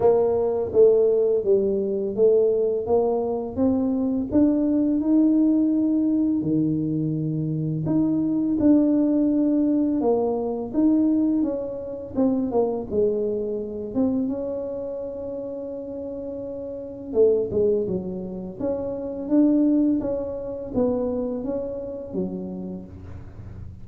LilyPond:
\new Staff \with { instrumentName = "tuba" } { \time 4/4 \tempo 4 = 84 ais4 a4 g4 a4 | ais4 c'4 d'4 dis'4~ | dis'4 dis2 dis'4 | d'2 ais4 dis'4 |
cis'4 c'8 ais8 gis4. c'8 | cis'1 | a8 gis8 fis4 cis'4 d'4 | cis'4 b4 cis'4 fis4 | }